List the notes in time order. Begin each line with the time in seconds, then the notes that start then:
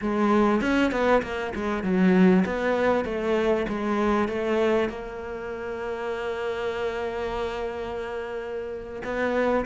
0.01 G#3
0.61 C#4
0.91 B3
1.22 A#3
1.55 G#3
1.83 F#3
2.45 B3
3.04 A3
3.68 G#3
4.28 A3
4.89 A#3
9.03 B3